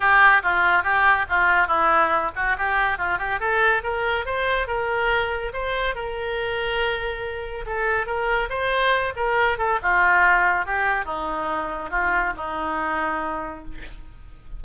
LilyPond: \new Staff \with { instrumentName = "oboe" } { \time 4/4 \tempo 4 = 141 g'4 f'4 g'4 f'4 | e'4. fis'8 g'4 f'8 g'8 | a'4 ais'4 c''4 ais'4~ | ais'4 c''4 ais'2~ |
ais'2 a'4 ais'4 | c''4. ais'4 a'8 f'4~ | f'4 g'4 dis'2 | f'4 dis'2. | }